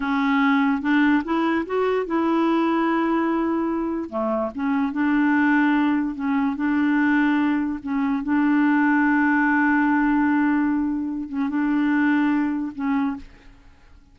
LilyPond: \new Staff \with { instrumentName = "clarinet" } { \time 4/4 \tempo 4 = 146 cis'2 d'4 e'4 | fis'4 e'2.~ | e'2 a4 cis'4 | d'2. cis'4 |
d'2. cis'4 | d'1~ | d'2.~ d'8 cis'8 | d'2. cis'4 | }